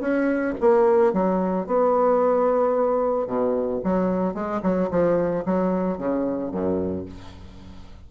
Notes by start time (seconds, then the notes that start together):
0.00 C#4
0.60 A#3
1.13 F#3
1.66 B3
3.27 B2
3.84 F#3
4.34 G#3
4.62 F#3
4.90 F3
5.45 F#3
5.97 C#3
6.51 F#2